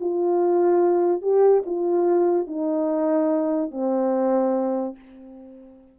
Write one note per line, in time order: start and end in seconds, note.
0.00 1.22 F4
1.22 1.63 G4
1.66 2.47 F4
2.47 3.71 D#4
3.71 4.96 C4